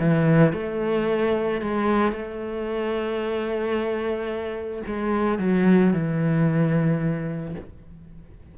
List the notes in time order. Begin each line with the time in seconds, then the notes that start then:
0.00 E3
0.53 A3
1.61 G#3
2.13 A3
4.86 G#3
5.39 F#3
5.93 E3